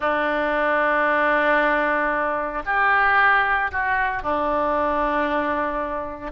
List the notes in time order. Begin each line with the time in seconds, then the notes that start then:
0.00 D4
2.66 G4
3.71 F#4
4.22 D4